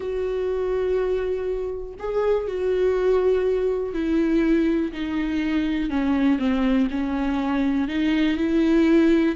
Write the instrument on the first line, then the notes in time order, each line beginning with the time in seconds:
viola
0.00 F#4
1.99 G#4
2.47 F#4
3.93 E4
4.92 D#4
5.90 C#4
6.38 C4
6.90 C#4
7.88 D#4
8.37 E4